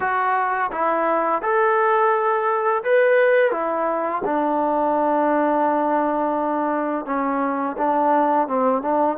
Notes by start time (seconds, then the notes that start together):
0.00 F#4
0.71 E4
1.42 A4
2.83 B4
3.51 E4
4.24 D4
7.05 C#4
7.77 D4
8.47 C4
8.82 D4